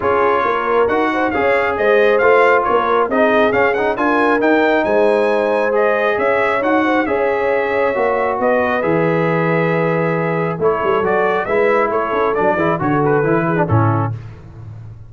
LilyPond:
<<
  \new Staff \with { instrumentName = "trumpet" } { \time 4/4 \tempo 4 = 136 cis''2 fis''4 f''4 | dis''4 f''4 cis''4 dis''4 | f''8 fis''8 gis''4 g''4 gis''4~ | gis''4 dis''4 e''4 fis''4 |
e''2. dis''4 | e''1 | cis''4 d''4 e''4 cis''4 | d''4 cis''8 b'4. a'4 | }
  \new Staff \with { instrumentName = "horn" } { \time 4/4 gis'4 ais'4. c''8 cis''4 | c''2 ais'4 gis'4~ | gis'4 ais'2 c''4~ | c''2 cis''4. c''8 |
cis''2. b'4~ | b'1 | a'2 b'4 a'4~ | a'8 gis'8 a'4. gis'8 e'4 | }
  \new Staff \with { instrumentName = "trombone" } { \time 4/4 f'2 fis'4 gis'4~ | gis'4 f'2 dis'4 | cis'8 dis'8 f'4 dis'2~ | dis'4 gis'2 fis'4 |
gis'2 fis'2 | gis'1 | e'4 fis'4 e'2 | d'8 e'8 fis'4 e'8. d'16 cis'4 | }
  \new Staff \with { instrumentName = "tuba" } { \time 4/4 cis'4 ais4 dis'4 cis'4 | gis4 a4 ais4 c'4 | cis'4 d'4 dis'4 gis4~ | gis2 cis'4 dis'4 |
cis'2 ais4 b4 | e1 | a8 g8 fis4 gis4 a8 cis'8 | fis8 e8 d4 e4 a,4 | }
>>